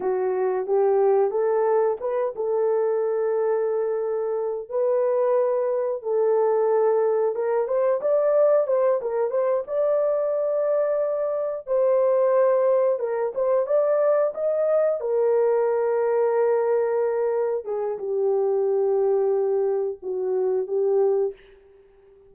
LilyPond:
\new Staff \with { instrumentName = "horn" } { \time 4/4 \tempo 4 = 90 fis'4 g'4 a'4 b'8 a'8~ | a'2. b'4~ | b'4 a'2 ais'8 c''8 | d''4 c''8 ais'8 c''8 d''4.~ |
d''4. c''2 ais'8 | c''8 d''4 dis''4 ais'4.~ | ais'2~ ais'8 gis'8 g'4~ | g'2 fis'4 g'4 | }